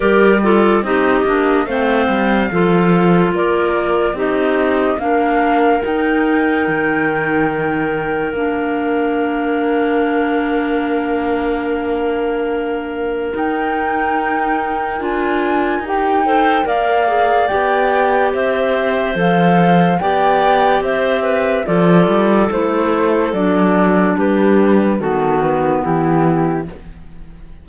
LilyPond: <<
  \new Staff \with { instrumentName = "flute" } { \time 4/4 \tempo 4 = 72 d''4 dis''4 f''2 | d''4 dis''4 f''4 g''4~ | g''2 f''2~ | f''1 |
g''2 gis''4 g''4 | f''4 g''4 e''4 f''4 | g''4 e''4 d''4 c''4 | d''4 b'4 a'8 b'8 g'4 | }
  \new Staff \with { instrumentName = "clarinet" } { \time 4/4 ais'8 a'8 g'4 c''4 a'4 | ais'4 g'4 ais'2~ | ais'1~ | ais'1~ |
ais'2.~ ais'8 c''8 | d''2 c''2 | d''4 c''8 b'8 a'2~ | a'4 g'4 fis'4 e'4 | }
  \new Staff \with { instrumentName = "clarinet" } { \time 4/4 g'8 f'8 dis'8 d'8 c'4 f'4~ | f'4 dis'4 d'4 dis'4~ | dis'2 d'2~ | d'1 |
dis'2 f'4 g'8 a'8 | ais'8 gis'8 g'2 a'4 | g'2 f'4 e'4 | d'2 b2 | }
  \new Staff \with { instrumentName = "cello" } { \time 4/4 g4 c'8 ais8 a8 g8 f4 | ais4 c'4 ais4 dis'4 | dis2 ais2~ | ais1 |
dis'2 d'4 dis'4 | ais4 b4 c'4 f4 | b4 c'4 f8 g8 a4 | fis4 g4 dis4 e4 | }
>>